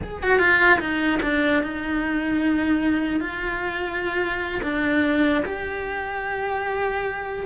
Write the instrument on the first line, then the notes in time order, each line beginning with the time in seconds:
cello
0.03 G#4
0.23 F#4
0.38 F4
0.79 D#4
1.22 D4
1.62 D#4
3.20 F4
4.63 D4
5.45 G4